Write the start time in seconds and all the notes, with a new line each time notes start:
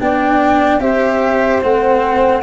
0.00 B3 D4 D5 G5
0.80 C4 G4 C5 E5
1.62 A3 C4 F#5